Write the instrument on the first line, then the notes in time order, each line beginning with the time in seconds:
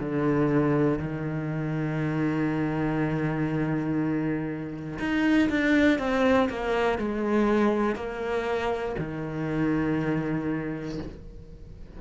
cello
0.00 D3
0.99 D#3
4.99 D#4
5.50 D4
5.99 C4
6.50 A#3
6.98 G#3
7.96 A#3
8.99 D#3